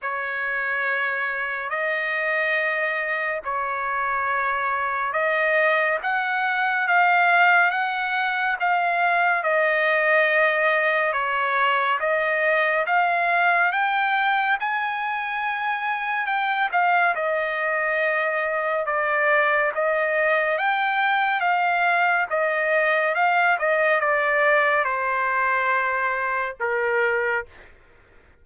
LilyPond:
\new Staff \with { instrumentName = "trumpet" } { \time 4/4 \tempo 4 = 70 cis''2 dis''2 | cis''2 dis''4 fis''4 | f''4 fis''4 f''4 dis''4~ | dis''4 cis''4 dis''4 f''4 |
g''4 gis''2 g''8 f''8 | dis''2 d''4 dis''4 | g''4 f''4 dis''4 f''8 dis''8 | d''4 c''2 ais'4 | }